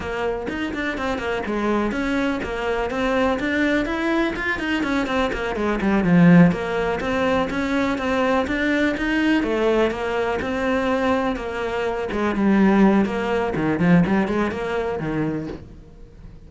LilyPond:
\new Staff \with { instrumentName = "cello" } { \time 4/4 \tempo 4 = 124 ais4 dis'8 d'8 c'8 ais8 gis4 | cis'4 ais4 c'4 d'4 | e'4 f'8 dis'8 cis'8 c'8 ais8 gis8 | g8 f4 ais4 c'4 cis'8~ |
cis'8 c'4 d'4 dis'4 a8~ | a8 ais4 c'2 ais8~ | ais4 gis8 g4. ais4 | dis8 f8 g8 gis8 ais4 dis4 | }